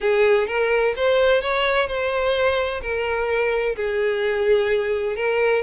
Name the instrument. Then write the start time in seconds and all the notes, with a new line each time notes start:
violin
0.00 G#4
0.47 A#4
0.95 C5
1.41 C#5
1.87 C5
2.82 A#4
3.75 G#4
5.16 A#4